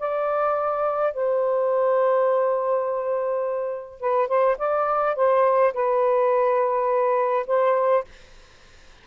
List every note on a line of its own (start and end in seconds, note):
0.00 1.14 D5
1.14 4.01 C5
4.01 4.28 B4
4.28 4.57 C5
4.58 5.16 D5
5.16 5.74 C5
5.74 7.47 B4
7.47 8.05 C5